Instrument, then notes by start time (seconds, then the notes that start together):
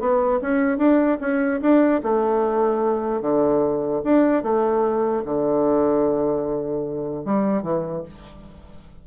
bassoon
0.00 B3
0.41 C#4
0.78 D4
1.21 C#4
1.61 D4
2.03 A3
3.21 D3
4.04 D4
4.43 A3
5.25 D3
7.25 G3
7.63 E3